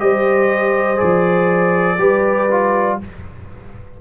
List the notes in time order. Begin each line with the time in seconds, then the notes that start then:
0.00 G3 G4 C5 D#5
0.97 G#4 D5
1.03 F3
1.98 G3 G4 B4
2.51 F4